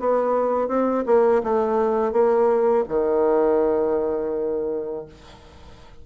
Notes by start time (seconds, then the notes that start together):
0.00 B3
0.68 C4
1.06 A#3
1.44 A3
2.13 A#3
2.89 D#3